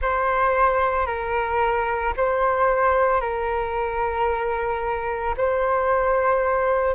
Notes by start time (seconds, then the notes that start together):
0.01 C5
1.06 A#4
2.17 C5
3.20 A#4
5.37 C5